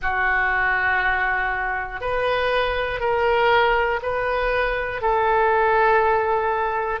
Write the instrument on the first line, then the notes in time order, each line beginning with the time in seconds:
oboe
0.01 F#4
2.00 B4
3.00 A#4
4.02 B4
5.01 A4